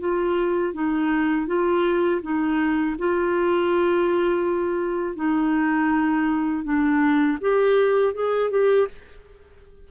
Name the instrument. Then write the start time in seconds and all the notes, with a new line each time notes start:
clarinet
0.00 F4
0.74 D#4
1.47 F4
2.22 D#4
2.98 F4
5.16 D#4
6.64 D4
7.41 G4
8.14 G#4
8.51 G4